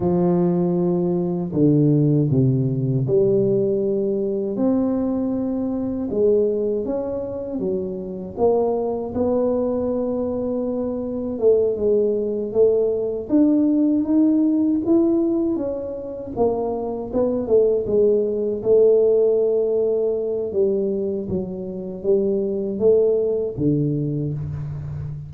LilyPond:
\new Staff \with { instrumentName = "tuba" } { \time 4/4 \tempo 4 = 79 f2 d4 c4 | g2 c'2 | gis4 cis'4 fis4 ais4 | b2. a8 gis8~ |
gis8 a4 d'4 dis'4 e'8~ | e'8 cis'4 ais4 b8 a8 gis8~ | gis8 a2~ a8 g4 | fis4 g4 a4 d4 | }